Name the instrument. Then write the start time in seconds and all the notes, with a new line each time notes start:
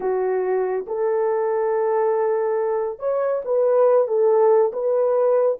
horn
0.00 F#4
0.86 A4
2.99 C#5
3.44 B4
4.07 A4
4.72 B4